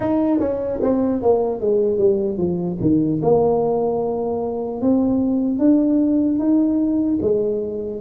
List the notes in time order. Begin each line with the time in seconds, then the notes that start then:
0.00 D#4
0.39 C#4
0.82 C4
1.21 A#3
1.60 G#3
1.97 G3
2.37 F3
2.80 D#3
3.22 A#3
4.81 C4
5.59 D4
6.39 D#4
7.21 G#3